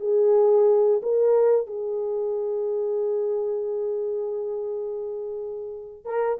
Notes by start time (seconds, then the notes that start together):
0.00 G#4
1.02 A#4
1.67 G#4
6.05 A#4